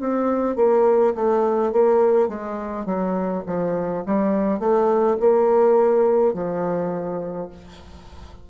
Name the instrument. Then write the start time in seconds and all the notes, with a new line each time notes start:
bassoon
0.00 C4
0.56 A#3
1.15 A3
1.73 A#3
2.28 G#3
2.86 F#3
3.46 F3
4.06 G3
4.59 A3
5.20 A#3
6.34 F3